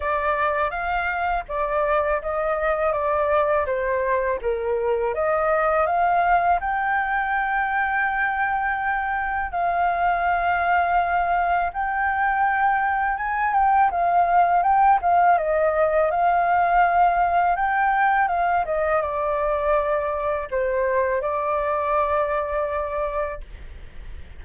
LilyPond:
\new Staff \with { instrumentName = "flute" } { \time 4/4 \tempo 4 = 82 d''4 f''4 d''4 dis''4 | d''4 c''4 ais'4 dis''4 | f''4 g''2.~ | g''4 f''2. |
g''2 gis''8 g''8 f''4 | g''8 f''8 dis''4 f''2 | g''4 f''8 dis''8 d''2 | c''4 d''2. | }